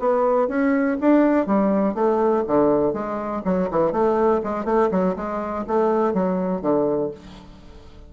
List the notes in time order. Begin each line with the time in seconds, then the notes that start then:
0.00 B3
0.49 C#4
1.01 D4
1.47 G3
1.95 A3
2.47 D3
2.93 G#3
3.45 F#3
3.71 E3
3.92 A3
4.44 G#3
4.65 A3
4.91 F#3
5.16 G#3
5.68 A3
6.14 F#3
6.62 D3